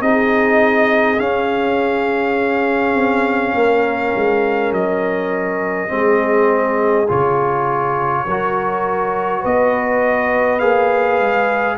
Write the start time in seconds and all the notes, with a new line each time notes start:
0.00 C4 D#4 G#4 D#5
1.20 C#4 F5
2.95 C4
3.55 A#3 A#4
4.16 G#3
4.72 F#3 D#5
5.88 G#3 C4 G#4
7.08 C#3 F4 C#5
8.26 F#3 F#4 A#4
9.41 B3 B4 D#5
10.59 A#3 G#4 F5
11.20 G#3